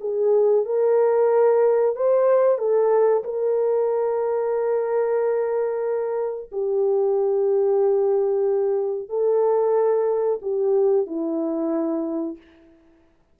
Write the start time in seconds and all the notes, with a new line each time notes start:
0.00 G#4
0.65 A#4
1.96 C5
2.58 A4
3.24 A#4
6.52 G4
9.09 A4
10.42 G4
11.06 E4